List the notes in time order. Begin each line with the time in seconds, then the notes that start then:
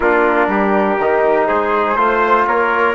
0.00 A#3 D4 F4 A#4
0.47 G3 G4
0.98 D#3 D#4
1.46 G#3 G#4 C5
1.96 A3 F4 C5
2.47 A#3 A#4 C#5